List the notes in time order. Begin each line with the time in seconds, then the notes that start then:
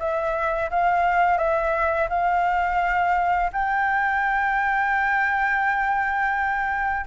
0.00 E5
0.71 F5
1.38 E5
2.10 F5
3.53 G5